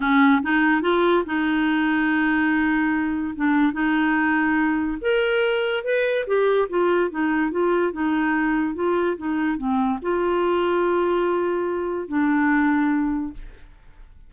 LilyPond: \new Staff \with { instrumentName = "clarinet" } { \time 4/4 \tempo 4 = 144 cis'4 dis'4 f'4 dis'4~ | dis'1 | d'4 dis'2. | ais'2 b'4 g'4 |
f'4 dis'4 f'4 dis'4~ | dis'4 f'4 dis'4 c'4 | f'1~ | f'4 d'2. | }